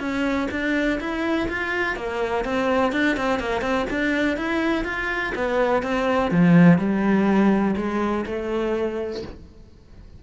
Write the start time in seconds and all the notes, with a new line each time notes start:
0.00 C#4
0.51 D4
1.00 E4
1.49 F4
1.96 A#3
2.45 C4
2.92 D4
3.17 C4
3.40 A#3
3.62 C4
3.90 D4
4.37 E4
4.85 F4
5.35 B3
5.83 C4
6.31 F3
6.78 G3
7.76 G#3
8.26 A3